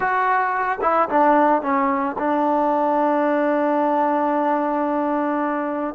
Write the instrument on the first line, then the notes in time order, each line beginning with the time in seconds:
trombone
0.00 F#4
0.81 E4
1.09 D4
1.62 C#4
2.18 D4